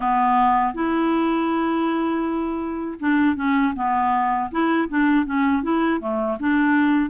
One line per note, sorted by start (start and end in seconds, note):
0.00 0.74 B3
0.74 2.99 E4
2.99 3.36 D4
3.36 3.73 C#4
3.75 4.50 B3
4.51 4.88 E4
4.88 5.25 D4
5.25 5.62 C#4
5.62 6.00 E4
6.00 6.38 A3
6.40 7.09 D4